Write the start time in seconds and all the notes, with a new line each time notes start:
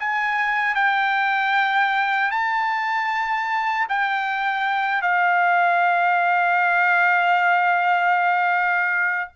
0.00 G#5
0.75 G5
2.31 A5
3.89 G5
5.02 F5